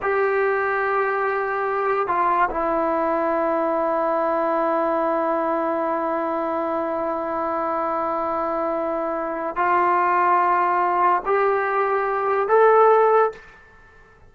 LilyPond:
\new Staff \with { instrumentName = "trombone" } { \time 4/4 \tempo 4 = 144 g'1~ | g'4 f'4 e'2~ | e'1~ | e'1~ |
e'1~ | e'2. f'4~ | f'2. g'4~ | g'2 a'2 | }